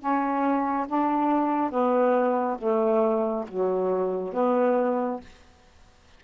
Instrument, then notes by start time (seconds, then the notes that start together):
saxophone
0.00 C#4
0.88 D4
1.71 B3
2.58 A3
3.48 F#3
4.34 B3